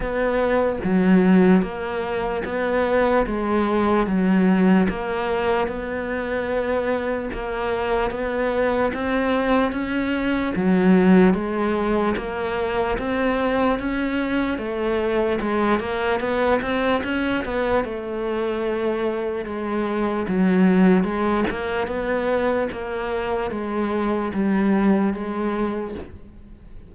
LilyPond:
\new Staff \with { instrumentName = "cello" } { \time 4/4 \tempo 4 = 74 b4 fis4 ais4 b4 | gis4 fis4 ais4 b4~ | b4 ais4 b4 c'4 | cis'4 fis4 gis4 ais4 |
c'4 cis'4 a4 gis8 ais8 | b8 c'8 cis'8 b8 a2 | gis4 fis4 gis8 ais8 b4 | ais4 gis4 g4 gis4 | }